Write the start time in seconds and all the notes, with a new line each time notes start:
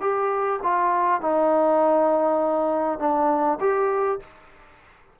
0.00 G4
0.63 F4
1.21 D#4
2.99 D4
3.60 G4